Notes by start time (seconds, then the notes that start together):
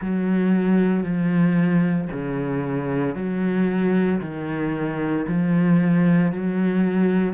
0.00 F#3
1.03 F3
2.12 C#3
3.15 F#3
4.21 D#3
5.27 F3
6.32 F#3